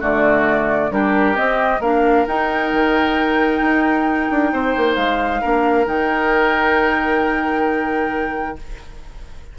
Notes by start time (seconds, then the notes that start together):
0.00 D3 A3 F#4 D5
0.91 G3 D4 G4 A#4
1.35 C4 D#5
1.80 A#3 D4 A#4 F5
2.27 D#4 G5
2.73 D#3
3.61 D#4
4.31 D4
4.53 C4 C5
4.77 A#3
4.95 G#3 F5
5.41 A#3 D4 A#4
5.85 D#3 D#4 G5